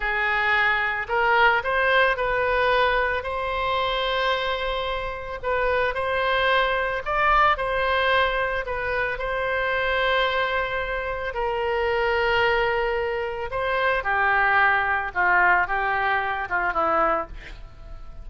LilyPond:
\new Staff \with { instrumentName = "oboe" } { \time 4/4 \tempo 4 = 111 gis'2 ais'4 c''4 | b'2 c''2~ | c''2 b'4 c''4~ | c''4 d''4 c''2 |
b'4 c''2.~ | c''4 ais'2.~ | ais'4 c''4 g'2 | f'4 g'4. f'8 e'4 | }